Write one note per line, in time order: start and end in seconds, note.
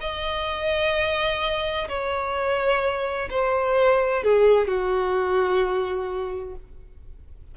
0.00 1.87 D#5
1.88 3.29 C#5
3.30 4.23 C5
4.23 4.67 G#4
4.67 6.55 F#4